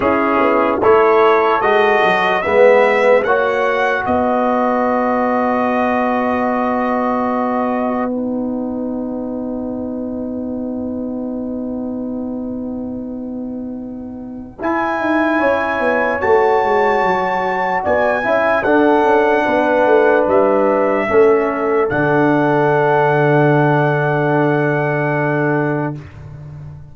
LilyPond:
<<
  \new Staff \with { instrumentName = "trumpet" } { \time 4/4 \tempo 4 = 74 gis'4 cis''4 dis''4 e''4 | fis''4 dis''2.~ | dis''2 fis''2~ | fis''1~ |
fis''2 gis''2 | a''2 gis''4 fis''4~ | fis''4 e''2 fis''4~ | fis''1 | }
  \new Staff \with { instrumentName = "horn" } { \time 4/4 e'4 a'2 b'4 | cis''4 b'2.~ | b'1~ | b'1~ |
b'2. cis''4~ | cis''2 d''8 e''8 a'4 | b'2 a'2~ | a'1 | }
  \new Staff \with { instrumentName = "trombone" } { \time 4/4 cis'4 e'4 fis'4 b4 | fis'1~ | fis'2 dis'2~ | dis'1~ |
dis'2 e'2 | fis'2~ fis'8 e'8 d'4~ | d'2 cis'4 d'4~ | d'1 | }
  \new Staff \with { instrumentName = "tuba" } { \time 4/4 cis'8 b8 a4 gis8 fis8 gis4 | ais4 b2.~ | b1~ | b1~ |
b2 e'8 dis'8 cis'8 b8 | a8 gis8 fis4 b8 cis'8 d'8 cis'8 | b8 a8 g4 a4 d4~ | d1 | }
>>